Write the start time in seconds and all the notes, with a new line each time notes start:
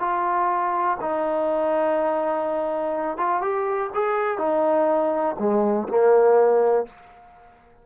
0.00 F4
1.01 D#4
3.18 F4
3.42 G4
3.94 G#4
4.38 D#4
5.39 G#3
5.89 A#3